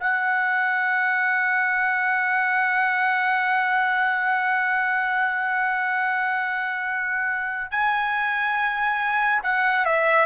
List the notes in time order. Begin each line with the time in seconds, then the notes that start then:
0.00 F#5
7.71 G#5
9.43 F#5
9.86 E5